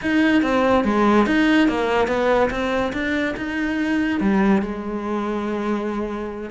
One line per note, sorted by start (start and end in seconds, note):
0.02 0.42 D#4
0.42 0.84 C4
0.84 1.26 G#3
1.26 1.68 D#4
1.68 2.07 A#3
2.07 2.49 B3
2.50 2.92 C4
2.93 3.35 D4
3.36 4.20 D#4
4.20 4.62 G3
4.62 6.50 G#3